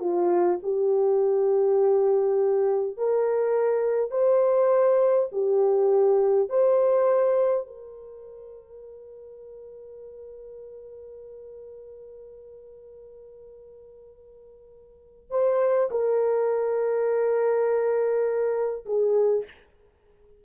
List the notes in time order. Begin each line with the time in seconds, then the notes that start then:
0.00 F4
0.63 G4
2.97 A#4
4.11 C5
5.32 G4
6.49 C5
7.67 A#4
15.30 C5
15.91 A#4
18.86 G#4